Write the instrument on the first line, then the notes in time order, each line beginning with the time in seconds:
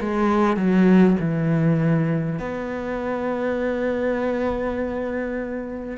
cello
0.00 G#3
0.57 F#3
1.20 E3
2.39 B3